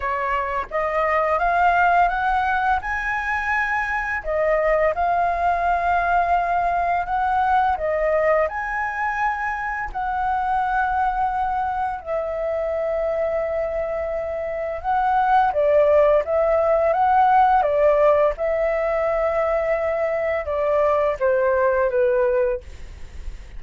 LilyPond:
\new Staff \with { instrumentName = "flute" } { \time 4/4 \tempo 4 = 85 cis''4 dis''4 f''4 fis''4 | gis''2 dis''4 f''4~ | f''2 fis''4 dis''4 | gis''2 fis''2~ |
fis''4 e''2.~ | e''4 fis''4 d''4 e''4 | fis''4 d''4 e''2~ | e''4 d''4 c''4 b'4 | }